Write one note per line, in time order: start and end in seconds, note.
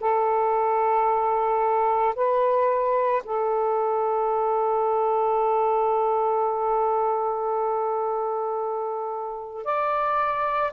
0.00 2.14 A4
2.15 3.22 B4
3.24 9.64 A4
9.64 10.71 D5